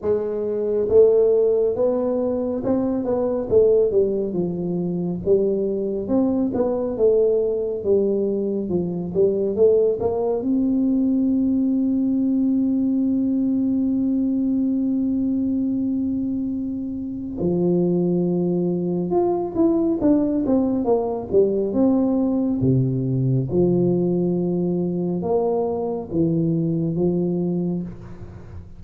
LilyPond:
\new Staff \with { instrumentName = "tuba" } { \time 4/4 \tempo 4 = 69 gis4 a4 b4 c'8 b8 | a8 g8 f4 g4 c'8 b8 | a4 g4 f8 g8 a8 ais8 | c'1~ |
c'1 | f2 f'8 e'8 d'8 c'8 | ais8 g8 c'4 c4 f4~ | f4 ais4 e4 f4 | }